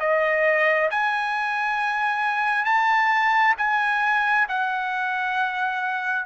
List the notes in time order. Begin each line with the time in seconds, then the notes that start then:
0.00 D#5
0.91 G#5
2.65 A5
3.58 G#5
4.49 F#5